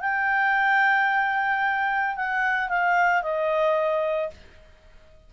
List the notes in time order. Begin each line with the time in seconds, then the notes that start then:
0.00 G5
2.16 F#5
2.68 F5
3.22 D#5